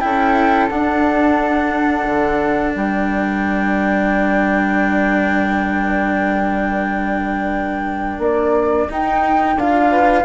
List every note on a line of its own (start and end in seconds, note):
0.00 0.70 C#4
0.00 0.69 E4
0.00 2.73 A4
0.00 0.68 G5
0.69 8.88 D4
0.69 2.06 D4
0.69 2.74 F#5
2.06 2.74 D3
2.73 8.18 G3
2.73 9.89 A#4
2.73 8.22 G5
8.18 8.86 A#3
8.18 8.90 D5
8.89 9.57 D#4
8.89 9.56 D#4
8.89 9.59 G5
9.56 10.24 D4
9.56 10.24 F4
9.56 10.24 F5
9.91 10.24 B4